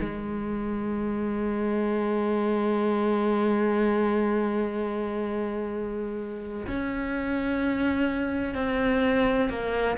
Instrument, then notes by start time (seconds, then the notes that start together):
cello
0.00 G#3
6.67 C#4
8.55 C4
9.49 A#3